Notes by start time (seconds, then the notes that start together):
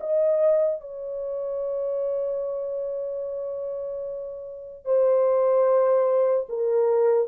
0.00 D#5
0.80 C#5
4.85 C5
6.49 A#4